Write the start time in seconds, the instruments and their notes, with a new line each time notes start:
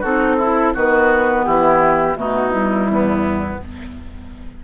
0.00 bassoon C4, clarinet D#4, oboe F#4, flute A4
0.37 oboe E4, clarinet E4
0.74 bassoon D#3, clarinet B3, oboe F#4, flute B4
1.44 bassoon E3, oboe E4, flute G4
2.14 bassoon B2, clarinet A3, oboe D#4, flute F#4
2.51 clarinet G3, flute E4
2.87 bassoon E2, oboe B3